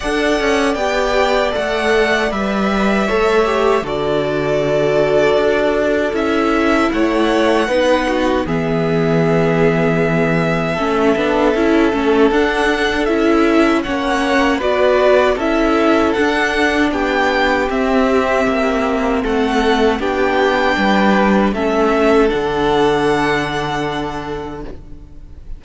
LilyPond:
<<
  \new Staff \with { instrumentName = "violin" } { \time 4/4 \tempo 4 = 78 fis''4 g''4 fis''4 e''4~ | e''4 d''2. | e''4 fis''2 e''4~ | e''1 |
fis''4 e''4 fis''4 d''4 | e''4 fis''4 g''4 e''4~ | e''4 fis''4 g''2 | e''4 fis''2. | }
  \new Staff \with { instrumentName = "violin" } { \time 4/4 d''1 | cis''4 a'2.~ | a'4 cis''4 b'8 fis'8 gis'4~ | gis'2 a'2~ |
a'2 cis''4 b'4 | a'2 g'2~ | g'4 a'4 g'4 b'4 | a'1 | }
  \new Staff \with { instrumentName = "viola" } { \time 4/4 a'4 g'4 a'4 b'4 | a'8 g'8 fis'2. | e'2 dis'4 b4~ | b2 cis'8 d'8 e'8 cis'8 |
d'4 e'4 cis'4 fis'4 | e'4 d'2 c'4~ | c'2 d'2 | cis'4 d'2. | }
  \new Staff \with { instrumentName = "cello" } { \time 4/4 d'8 cis'8 b4 a4 g4 | a4 d2 d'4 | cis'4 a4 b4 e4~ | e2 a8 b8 cis'8 a8 |
d'4 cis'4 ais4 b4 | cis'4 d'4 b4 c'4 | ais4 a4 b4 g4 | a4 d2. | }
>>